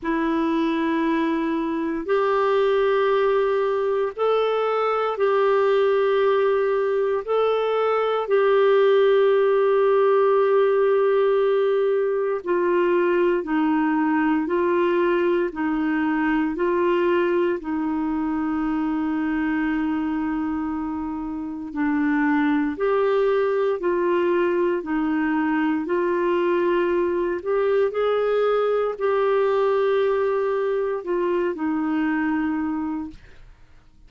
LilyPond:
\new Staff \with { instrumentName = "clarinet" } { \time 4/4 \tempo 4 = 58 e'2 g'2 | a'4 g'2 a'4 | g'1 | f'4 dis'4 f'4 dis'4 |
f'4 dis'2.~ | dis'4 d'4 g'4 f'4 | dis'4 f'4. g'8 gis'4 | g'2 f'8 dis'4. | }